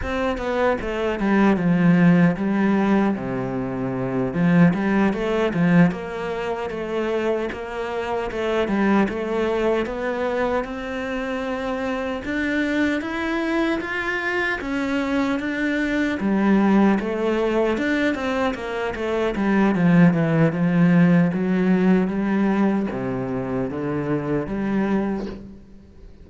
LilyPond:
\new Staff \with { instrumentName = "cello" } { \time 4/4 \tempo 4 = 76 c'8 b8 a8 g8 f4 g4 | c4. f8 g8 a8 f8 ais8~ | ais8 a4 ais4 a8 g8 a8~ | a8 b4 c'2 d'8~ |
d'8 e'4 f'4 cis'4 d'8~ | d'8 g4 a4 d'8 c'8 ais8 | a8 g8 f8 e8 f4 fis4 | g4 c4 d4 g4 | }